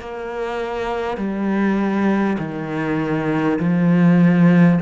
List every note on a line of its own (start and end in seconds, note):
0.00 1.17 A#3
1.17 2.37 G3
2.39 3.59 D#3
3.59 4.79 F3